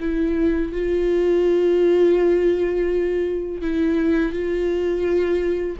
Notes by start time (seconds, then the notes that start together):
0.00 E4
0.72 F4
3.61 E4
4.32 F4